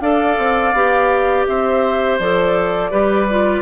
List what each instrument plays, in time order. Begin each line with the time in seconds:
0.00 bassoon D4, clarinet A4, oboe D5, flute F5
0.38 bassoon C4
0.73 bassoon B3, clarinet G4
1.46 bassoon C4, oboe C5, flute E5
2.19 bassoon F3, clarinet A4, flute D5
2.91 bassoon G3, clarinet G4, oboe B4
3.30 clarinet F4